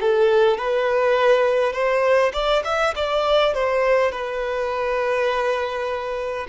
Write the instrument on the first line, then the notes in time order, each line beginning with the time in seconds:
violin
0.00 A4
0.58 B4
1.73 C5
2.33 D5
2.64 E5
2.95 D5
3.53 C5
4.11 B4